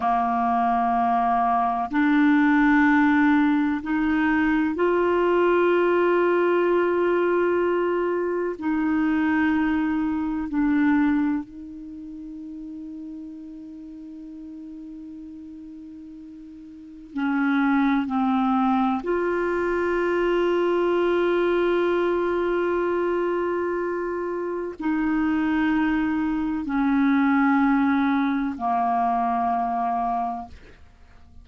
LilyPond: \new Staff \with { instrumentName = "clarinet" } { \time 4/4 \tempo 4 = 63 ais2 d'2 | dis'4 f'2.~ | f'4 dis'2 d'4 | dis'1~ |
dis'2 cis'4 c'4 | f'1~ | f'2 dis'2 | cis'2 ais2 | }